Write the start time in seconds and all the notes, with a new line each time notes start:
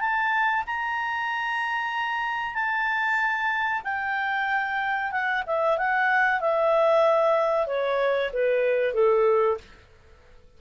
0.00 A5
0.66 A#5
2.54 A5
3.84 G5
5.12 F#5
5.46 E5
5.78 F#5
6.40 E5
7.67 C#5
8.33 B4
8.94 A4